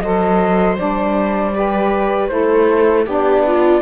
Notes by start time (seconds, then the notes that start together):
0.00 F#3 A4 C5 D#5
0.77 G3 D4 D5
1.54 G4 B4
2.28 A3 E4 A4 C5
3.06 B3 D4 G4 D5
3.47 F4